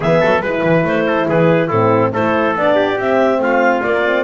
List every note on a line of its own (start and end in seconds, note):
0.00 0.21 E3
0.00 0.44 B3
0.00 0.20 G#4
0.00 0.42 E5
0.20 0.40 F#3
0.20 0.41 A4
0.40 0.61 G#3
0.40 1.71 E4
0.40 1.05 B4
0.40 0.85 B4
0.63 0.84 E3
0.84 1.26 A3
0.84 1.28 C5
1.06 1.27 A4
1.28 1.70 E3
1.28 1.67 G#4
1.28 1.69 B4
1.67 2.13 A2
1.67 2.12 C4
1.67 2.10 E4
1.67 2.11 A4
2.12 2.55 A3
2.12 2.55 E4
2.12 2.75 A4
2.12 2.55 C5
2.55 2.97 B3
2.55 2.98 D4
2.55 3.00 D5
2.75 3.39 G4
2.97 3.38 C4
2.97 3.84 C4
2.97 3.41 E5
3.38 3.81 A3
3.38 4.23 F4
3.38 3.82 F5
3.82 4.05 A#3
3.82 4.23 A#3
3.82 4.23 D5
4.05 4.23 C4